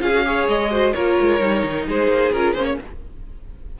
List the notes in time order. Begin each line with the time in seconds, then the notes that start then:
0.00 C#4 F4 G#4 F5
0.14 F#4
0.26 G#4 C#5
0.48 G#3 D#5
0.71 F#4 C5
0.94 A#3 F4 A#4 C#5
1.21 G#3
1.40 G3 D#4
1.64 D#3
1.87 G#3 G#4 C5
2.08 A#3
2.33 C#4 F4 A#4
2.54 A#3 C#4 C5
2.65 C#5